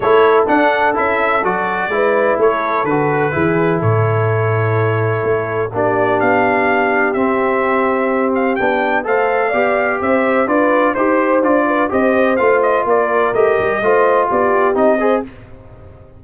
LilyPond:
<<
  \new Staff \with { instrumentName = "trumpet" } { \time 4/4 \tempo 4 = 126 cis''4 fis''4 e''4 d''4~ | d''4 cis''4 b'2 | cis''1 | d''4 f''2 e''4~ |
e''4. f''8 g''4 f''4~ | f''4 e''4 d''4 c''4 | d''4 dis''4 f''8 dis''8 d''4 | dis''2 d''4 dis''4 | }
  \new Staff \with { instrumentName = "horn" } { \time 4/4 a'1 | b'4 a'2 gis'4 | a'1 | g'1~ |
g'2. c''4 | d''4 c''4 b'4 c''4~ | c''8 b'8 c''2 ais'4~ | ais'4 c''4 g'4. c''8 | }
  \new Staff \with { instrumentName = "trombone" } { \time 4/4 e'4 d'4 e'4 fis'4 | e'2 fis'4 e'4~ | e'1 | d'2. c'4~ |
c'2 d'4 a'4 | g'2 f'4 g'4 | f'4 g'4 f'2 | g'4 f'2 dis'8 gis'8 | }
  \new Staff \with { instrumentName = "tuba" } { \time 4/4 a4 d'4 cis'4 fis4 | gis4 a4 d4 e4 | a,2. a4 | ais4 b2 c'4~ |
c'2 b4 a4 | b4 c'4 d'4 dis'4 | d'4 c'4 a4 ais4 | a8 g8 a4 b4 c'4 | }
>>